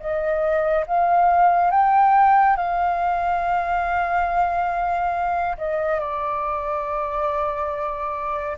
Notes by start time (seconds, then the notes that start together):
0.00 D#5
0.87 F5
1.71 G5
2.57 F5
5.58 D#5
6.00 D5